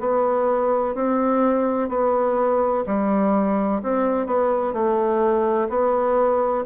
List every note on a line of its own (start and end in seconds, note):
0.00 0.95 B3
0.95 1.89 C4
1.89 2.84 B3
2.87 3.82 G3
3.83 4.27 C4
4.27 4.74 B3
4.74 5.69 A3
5.70 6.65 B3